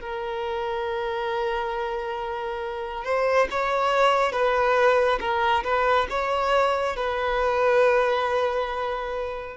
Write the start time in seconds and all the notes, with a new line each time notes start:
0.00 A#4
3.04 C5
3.50 C#5
4.32 B4
5.20 A#4
5.64 B4
6.09 C#5
6.96 B4